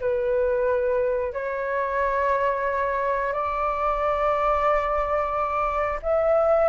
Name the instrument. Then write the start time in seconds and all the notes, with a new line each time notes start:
flute
0.00 B4
1.32 C#5
3.32 D5
6.02 E5